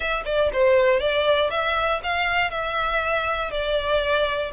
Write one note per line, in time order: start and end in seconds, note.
0.00 0.23 E5
0.25 0.50 D5
0.52 1.00 C5
1.00 1.50 D5
1.50 2.00 E5
2.03 2.50 F5
2.50 3.50 E5
3.50 4.51 D5